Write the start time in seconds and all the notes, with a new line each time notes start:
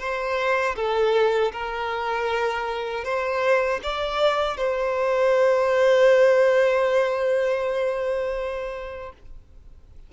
0.00 C5
0.76 A4
1.53 A#4
3.04 C5
3.84 D5
4.57 C5